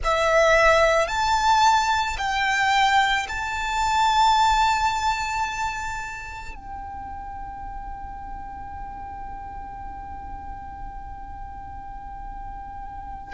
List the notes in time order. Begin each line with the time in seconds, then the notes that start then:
0.03 E5
1.07 A5
2.18 G5
3.28 A5
6.55 G5